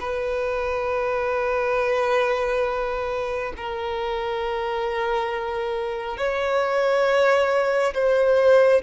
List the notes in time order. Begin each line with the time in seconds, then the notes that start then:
0.00 B4
3.57 A#4
6.17 C#5
7.94 C5